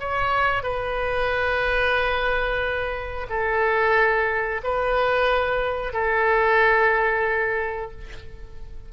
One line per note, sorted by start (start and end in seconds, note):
0.00 0.63 C#5
0.63 3.27 B4
3.29 4.61 A4
4.63 5.93 B4
5.93 7.91 A4